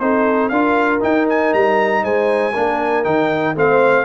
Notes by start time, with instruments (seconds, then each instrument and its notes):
0.00 tuba C4, trombone D#4, horn A4, trumpet C5
0.49 tuba D4, trombone F4, horn A#4, trumpet F5
1.01 trombone D#4, tuba D#4, trumpet G5
1.30 trumpet G#5
1.54 tuba G3, trumpet A#5
2.04 tuba G#3, horn C5, trumpet G#5
2.53 tuba A#3, trombone D4, horn A#4
3.04 tuba D#3, trombone D#4, trumpet G5
3.56 tuba A3, trombone C4, horn C5, trumpet F5